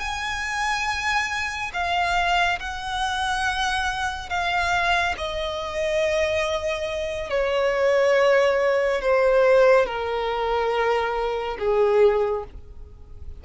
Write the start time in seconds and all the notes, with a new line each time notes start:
0.00 G#5
1.73 F5
2.59 F#5
4.30 F5
5.18 D#5
7.30 C#5
9.02 C5
9.86 A#4
11.59 G#4